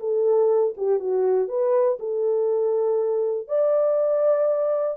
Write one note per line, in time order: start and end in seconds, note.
0.00 0.75 A4
0.77 1.00 G4
1.00 1.48 F#4
1.48 1.98 B4
2.00 3.48 A4
3.48 4.97 D5